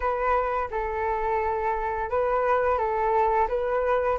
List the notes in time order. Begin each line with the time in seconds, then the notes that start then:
0.00 B4
0.70 A4
2.10 B4
2.77 A4
3.48 B4